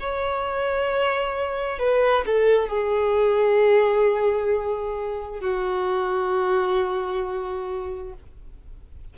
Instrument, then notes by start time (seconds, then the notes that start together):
violin
0.00 C#5
1.79 B4
2.26 A4
2.69 G#4
5.41 F#4